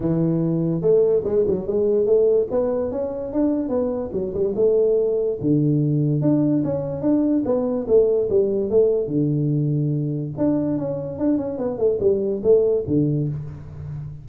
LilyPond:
\new Staff \with { instrumentName = "tuba" } { \time 4/4 \tempo 4 = 145 e2 a4 gis8 fis8 | gis4 a4 b4 cis'4 | d'4 b4 fis8 g8 a4~ | a4 d2 d'4 |
cis'4 d'4 b4 a4 | g4 a4 d2~ | d4 d'4 cis'4 d'8 cis'8 | b8 a8 g4 a4 d4 | }